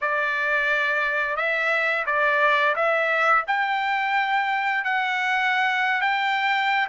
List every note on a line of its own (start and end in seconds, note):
0.01 1.36 D5
1.36 2.05 E5
2.06 2.75 D5
2.75 3.44 E5
3.47 4.84 G5
4.84 6.01 F#5
6.01 6.87 G5